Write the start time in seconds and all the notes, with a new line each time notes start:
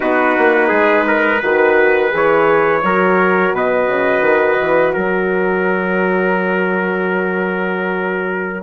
0.00 B3 D#4 F#4 B4
0.38 A#3
0.68 G#3 G#4
1.07 A#4
1.40 D#3 F#4 B4
2.11 E3 G#4 C#5
2.82 F#3 F#4 A#4
3.52 B2 B4 D#5
3.87 C#3
4.21 D#3
4.60 E3
4.93 F#3 A#4 C#5